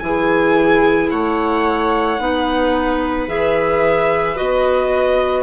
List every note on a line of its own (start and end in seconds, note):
0.00 1.10 E3
0.00 2.19 E4
0.00 1.11 G#4
0.00 1.09 G#5
1.11 2.19 A3
1.11 2.20 C#5
1.11 3.29 F#5
2.19 3.28 B3
2.19 3.28 D#4
2.19 5.43 B4
3.28 4.37 E3
3.28 4.36 G#4
3.28 4.37 E5
4.36 5.43 B3
4.36 5.43 F#4
4.36 5.43 D#5